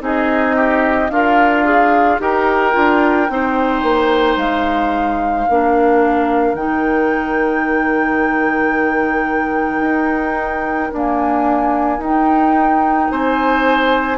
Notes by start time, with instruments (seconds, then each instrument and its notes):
0.00 bassoon C4, clarinet D#4, oboe G#4, flute D#5
0.56 oboe G4
1.10 bassoon D4, oboe F4, clarinet A#4, flute F5
1.65 clarinet G#4
2.20 bassoon D#4, clarinet G4, oboe A#4, flute G5
2.72 bassoon D4, clarinet F4
3.29 bassoon C4, clarinet D#4, oboe C5
3.83 bassoon A#3
4.37 bassoon G#3, flute F5
5.48 bassoon A#3, clarinet D4, oboe A#4
6.53 bassoon D#3, clarinet D#4, flute G5
9.81 bassoon D#4
10.93 clarinet A#3, bassoon D4, flute G#5
11.99 bassoon D#4, clarinet D#4, flute G5
13.10 bassoon C4, oboe C5, flute G#5